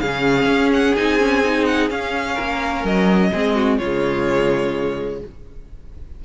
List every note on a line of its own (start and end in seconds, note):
0.00 0.46 C#3
0.00 0.97 C#4
0.00 2.35 G#4
0.00 0.71 F5
0.46 0.93 C#4
0.73 0.96 F#5
0.96 1.91 C4
0.96 1.19 D#4
0.96 1.65 G#5
1.19 1.43 C#4
1.44 1.91 D#4
1.65 1.89 F#5
1.91 2.38 C#4
1.91 3.32 C#4
1.91 2.86 F5
2.35 2.84 A#3
2.35 3.29 A#4
2.84 3.31 F#3
2.84 3.78 D#5
3.32 3.80 G#3
3.32 3.81 C4
3.32 3.56 G#4
3.56 3.79 F#4
3.78 5.22 C#3
3.78 5.25 G#3
3.78 5.20 F4
3.78 5.20 C#5